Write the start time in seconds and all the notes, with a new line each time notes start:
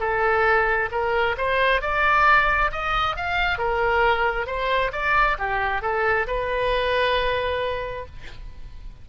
0.00 A4
0.91 A#4
1.38 C5
1.82 D5
2.72 D#5
3.16 F5
3.59 A#4
4.47 C5
4.93 D5
5.39 G4
5.82 A4
6.27 B4